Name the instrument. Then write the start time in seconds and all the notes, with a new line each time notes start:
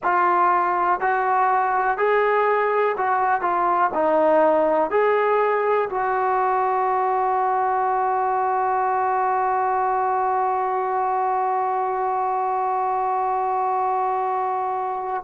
trombone
0.03 F4
1.00 F#4
1.97 G#4
2.97 F#4
3.41 F4
3.93 D#4
4.90 G#4
5.90 F#4